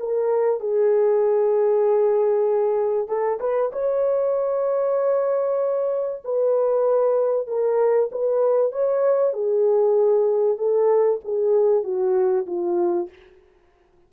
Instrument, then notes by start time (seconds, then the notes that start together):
horn
0.00 A#4
0.61 G#4
3.08 A4
3.40 B4
3.73 C#5
6.25 B4
7.48 A#4
8.12 B4
8.72 C#5
9.34 G#4
10.58 A4
11.25 G#4
11.84 F#4
12.47 F4